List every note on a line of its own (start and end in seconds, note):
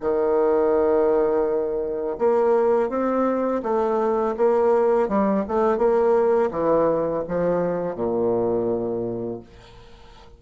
0.00 2.17 D#3
2.18 2.89 A#3
2.89 3.61 C4
3.63 4.35 A3
4.37 5.08 A#3
5.08 5.44 G3
5.47 5.77 A3
5.77 6.50 A#3
6.51 7.23 E3
7.28 7.95 F3
7.95 9.39 A#2